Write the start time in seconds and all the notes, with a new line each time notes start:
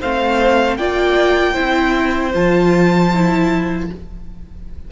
0.00 A3 C4 C5 F5
0.77 A#3 F4 D5 G5
1.53 C4 E4 C5
2.34 F3 F4 A5
3.13 E4